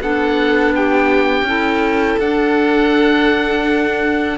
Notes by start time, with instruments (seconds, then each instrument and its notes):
0.00 cello B3, clarinet D4, violin A4, oboe F#5
0.75 violin G4, oboe G5
1.42 cello C#4, clarinet E4, violin A4
2.18 cello D4, clarinet D4, oboe F#5